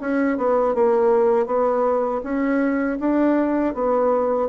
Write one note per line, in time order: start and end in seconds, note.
0.00 0.37 C#4
0.37 0.74 B3
0.74 1.46 A#3
1.46 2.21 B3
2.23 2.98 C#4
2.99 3.74 D4
3.74 4.48 B3